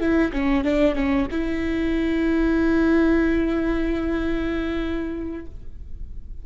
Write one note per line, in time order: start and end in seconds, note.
0.00 0.32 E4
0.33 0.64 C#4
0.64 0.95 D4
0.95 1.27 C#4
1.31 5.46 E4